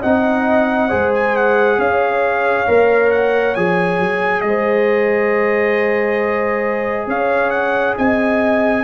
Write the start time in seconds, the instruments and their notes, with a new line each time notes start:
0.00 tuba C4, trombone D#4, horn D#5, trumpet F#5
0.88 tuba G#3, trombone G#4, horn C5
1.14 trumpet G#5
1.36 trumpet F#5
1.78 tuba C#4, horn C#5, trumpet F5
2.67 tuba A#3, trombone A#4
3.11 trumpet F#5
3.55 tuba F3, trombone G#4, trumpet G#5
3.99 tuba F#3
4.41 tuba G#3, horn C5, trumpet D#5
7.07 tuba C#4, horn C#5, trumpet F5
7.50 trumpet F#5
7.98 tuba C4, horn D#5, trumpet G#5